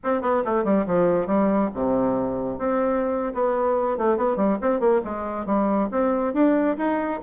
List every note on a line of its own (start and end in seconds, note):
0.03 0.21 C4
0.21 0.43 B3
0.45 0.64 A3
0.64 0.85 G3
0.86 1.26 F3
1.26 1.69 G3
1.74 2.58 C3
2.58 3.33 C4
3.34 3.97 B3
3.97 4.17 A3
4.17 4.36 B3
4.36 4.58 G3
4.61 4.79 C4
4.79 5.01 A#3
5.04 5.45 G#3
5.45 5.88 G3
5.91 6.33 C4
6.33 6.76 D4
6.77 7.20 D#4